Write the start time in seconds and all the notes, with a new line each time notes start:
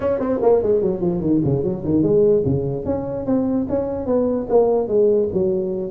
0.00 C#4
0.19 C4
0.42 A#3
0.62 G#3
0.81 F#3
1.00 F3
1.20 D#3
1.44 C#3
1.63 F#3
1.84 D#3
2.02 G#3
2.45 C#3
2.85 C#4
3.26 C4
3.69 C#4
4.06 B3
4.49 A#3
4.88 G#3
5.33 F#3